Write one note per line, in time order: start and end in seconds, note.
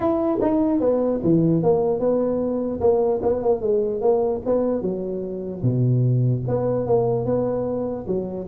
0.00 0.38 E4
0.41 0.80 D#4
0.80 1.20 B3
1.23 1.63 E3
1.63 1.99 A#3
1.99 2.80 B3
2.80 3.20 A#3
3.22 3.42 B3
3.42 3.61 A#3
3.61 4.01 G#3
4.01 4.41 A#3
4.45 4.81 B3
4.81 5.62 F#3
5.62 6.42 B2
6.47 6.86 B3
6.86 7.25 A#3
7.25 8.06 B3
8.07 8.47 F#3